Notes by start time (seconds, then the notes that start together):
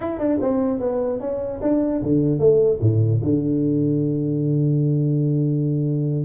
0.00 E4
0.18 D4
0.41 C4
0.79 B3
1.20 C#4
1.61 D4
2.02 D3
2.39 A3
2.81 A2
3.23 D3